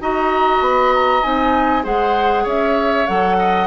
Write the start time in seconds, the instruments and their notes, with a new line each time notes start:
0.00 bassoon D#4, clarinet F#4, oboe D#5, flute A#5
0.60 bassoon B3, flute B5
0.94 flute A#5
1.22 bassoon C4, clarinet D#4, flute G#5
1.83 bassoon G#3, clarinet G#4, oboe C5, flute F#5
2.43 bassoon C#4, oboe C#5, flute E5
3.06 bassoon F#3, clarinet A4, flute F#5
3.39 oboe D#5